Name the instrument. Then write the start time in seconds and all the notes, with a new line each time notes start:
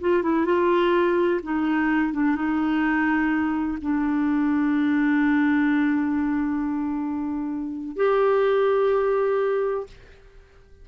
clarinet
0.00 F4
0.23 E4
0.45 F4
1.43 D#4
2.13 D4
2.35 D#4
3.81 D4
7.96 G4